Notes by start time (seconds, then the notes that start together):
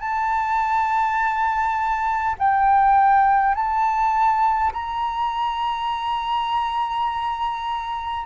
0.00 A5
2.39 G5
3.55 A5
4.73 A#5